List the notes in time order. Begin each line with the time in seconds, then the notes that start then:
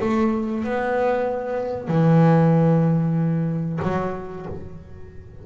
0.00 A3
0.64 B3
1.88 E3
3.82 F#3